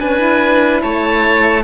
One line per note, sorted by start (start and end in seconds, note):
0.00 0.18 C#4
0.00 0.83 D4
0.00 0.82 B4
0.00 0.82 G#5
0.18 1.62 E4
0.82 1.64 A3
0.82 1.64 C#5
0.82 1.64 A5